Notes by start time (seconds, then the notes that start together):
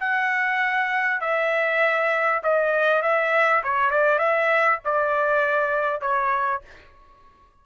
0.00 F#5
1.21 E5
2.43 D#5
3.02 E5
3.64 C#5
3.91 D5
4.19 E5
4.85 D5
6.01 C#5